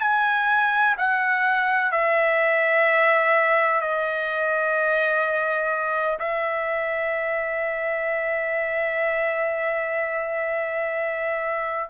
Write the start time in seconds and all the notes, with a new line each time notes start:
0.00 G#5
0.97 F#5
1.91 E5
3.81 D#5
6.19 E5